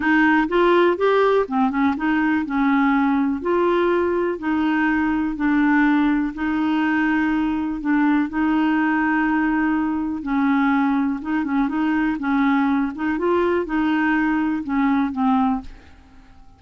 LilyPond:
\new Staff \with { instrumentName = "clarinet" } { \time 4/4 \tempo 4 = 123 dis'4 f'4 g'4 c'8 cis'8 | dis'4 cis'2 f'4~ | f'4 dis'2 d'4~ | d'4 dis'2. |
d'4 dis'2.~ | dis'4 cis'2 dis'8 cis'8 | dis'4 cis'4. dis'8 f'4 | dis'2 cis'4 c'4 | }